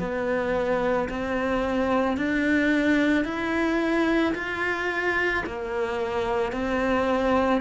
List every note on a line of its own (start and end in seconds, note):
0.00 1.09 B3
1.10 2.17 C4
2.17 3.25 D4
3.25 4.34 E4
4.35 5.44 F4
5.46 6.53 A#3
6.53 7.62 C4